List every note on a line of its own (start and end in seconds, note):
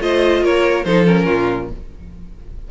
0.00 0.42 A3
0.00 0.85 F4
0.00 0.43 C5
0.00 0.45 D#5
0.42 0.85 A#3
0.42 0.86 A#4
0.42 0.84 C#5
0.84 1.27 F3
0.84 1.05 D#4
0.84 1.25 A4
0.84 1.06 C5
1.05 1.69 C#4
1.05 1.70 A#4
1.25 1.71 A#2
1.25 1.68 F4